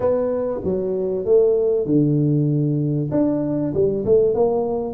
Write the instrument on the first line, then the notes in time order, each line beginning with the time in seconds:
tuba
0.00 B3
0.64 F#3
1.25 A3
1.86 D3
3.11 D4
3.73 G3
4.05 A3
4.34 A#3